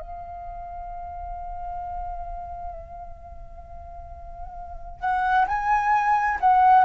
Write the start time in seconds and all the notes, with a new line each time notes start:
0.00 F5
5.00 F#5
5.48 G#5
6.40 F#5